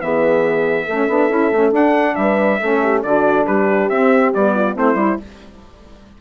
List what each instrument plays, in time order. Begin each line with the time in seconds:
0.00 bassoon E3, saxophone B3, horn G#4, trumpet E5
0.85 bassoon A3, saxophone C#4, horn A4
1.08 bassoon B3, saxophone D4
1.30 bassoon C#4, saxophone E4
1.52 bassoon A3, saxophone C#4
1.72 saxophone D4, bassoon D4, trumpet F#5
2.15 bassoon G3, horn B4, trumpet E5
2.60 bassoon A3, saxophone C#4, horn A4
2.82 horn G4
3.03 bassoon D3, saxophone D4, horn F#4, trumpet D5
3.46 bassoon G3, horn G4, trumpet B4
3.89 bassoon C4, saxophone C4, trumpet E5
4.34 bassoon G3, saxophone B3, trumpet D5
4.54 horn F4
4.76 bassoon A3, saxophone C4, horn E4, trumpet C5
4.95 bassoon G3, saxophone E4